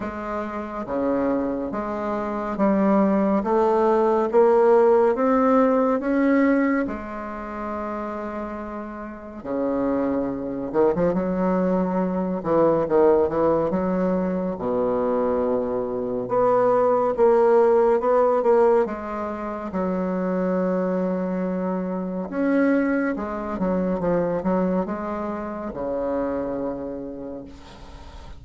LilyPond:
\new Staff \with { instrumentName = "bassoon" } { \time 4/4 \tempo 4 = 70 gis4 cis4 gis4 g4 | a4 ais4 c'4 cis'4 | gis2. cis4~ | cis8 dis16 f16 fis4. e8 dis8 e8 |
fis4 b,2 b4 | ais4 b8 ais8 gis4 fis4~ | fis2 cis'4 gis8 fis8 | f8 fis8 gis4 cis2 | }